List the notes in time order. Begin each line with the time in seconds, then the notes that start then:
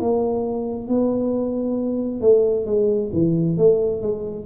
0.00 A#3
0.88 B3
2.21 A3
2.66 G#3
3.13 E3
3.57 A3
4.02 G#3